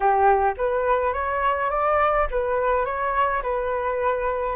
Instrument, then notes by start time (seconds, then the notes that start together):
flute
0.00 G4
0.57 B4
1.13 C#5
1.70 D5
2.30 B4
2.85 C#5
3.42 B4